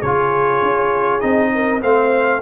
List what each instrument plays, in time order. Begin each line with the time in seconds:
0.00 tuba C#3, trombone F4, horn G#4, trumpet C#5
0.62 tuba C#4
1.21 tuba C4, trombone D#4, trumpet D#5
1.55 horn A#4
1.81 tuba A3, trombone C4, horn C5, trumpet F5